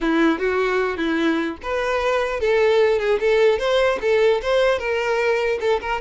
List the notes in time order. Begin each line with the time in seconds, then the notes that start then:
0.00 E4
0.38 F#4
0.97 E4
1.62 B4
2.40 A4
2.99 G#4
3.20 A4
3.58 C5
4.01 A4
4.41 C5
4.78 A#4
5.60 A4
5.81 A#4